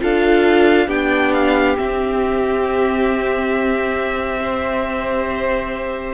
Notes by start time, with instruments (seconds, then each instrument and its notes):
0.00 cello D4, viola F4, violin A4 F5
0.87 cello B3, viola D4, violin G4 G5
1.33 violin F5
1.77 viola C4, cello C4, violin E5
4.39 viola G4, violin C5